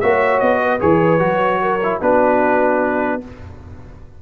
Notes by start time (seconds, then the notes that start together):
0.00 A#3 F#4 C#5 E5
0.39 B3 D#5
0.61 B4
0.80 E3 G#4 C#5
1.19 F#3 F#4
1.61 A#4
1.83 E4
2.01 B3 D4 F#4 B4